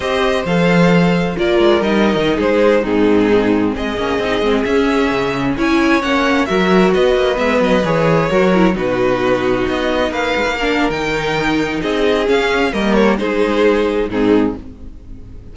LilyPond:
<<
  \new Staff \with { instrumentName = "violin" } { \time 4/4 \tempo 4 = 132 dis''4 f''2 d''4 | dis''4~ dis''16 c''4 gis'4.~ gis'16~ | gis'16 dis''2 e''4.~ e''16~ | e''16 gis''4 fis''4 e''4 dis''8.~ |
dis''16 e''8 dis''8 cis''2 b'8.~ | b'4~ b'16 dis''4 f''4.~ f''16 | g''2 dis''4 f''4 | dis''8 cis''8 c''2 gis'4 | }
  \new Staff \with { instrumentName = "violin" } { \time 4/4 c''2. ais'4~ | ais'4~ ais'16 gis'4 dis'4.~ dis'16~ | dis'16 gis'2.~ gis'8.~ | gis'16 cis''2 ais'4 b'8.~ |
b'2~ b'16 ais'4 fis'8.~ | fis'2~ fis'16 b'4 ais'8.~ | ais'2 gis'2 | ais'4 gis'2 dis'4 | }
  \new Staff \with { instrumentName = "viola" } { \time 4/4 g'4 a'2 f'4 | dis'2~ dis'16 c'4.~ c'16~ | c'8. cis'8 dis'8 c'8 cis'4.~ cis'16~ | cis'16 e'4 cis'4 fis'4.~ fis'16~ |
fis'16 b4 gis'4 fis'8 e'8 dis'8.~ | dis'2.~ dis'16 d'8. | dis'2. cis'4 | ais4 dis'2 c'4 | }
  \new Staff \with { instrumentName = "cello" } { \time 4/4 c'4 f2 ais8 gis8 | g8. dis8 gis4 gis,4.~ gis,16~ | gis,16 gis8 ais8 c'8 gis8 cis'4 cis8.~ | cis16 cis'4 ais4 fis4 b8 ais16~ |
ais16 gis8 fis8 e4 fis4 b,8.~ | b,4~ b,16 b4 ais8 gis16 ais4 | dis2 c'4 cis'4 | g4 gis2 gis,4 | }
>>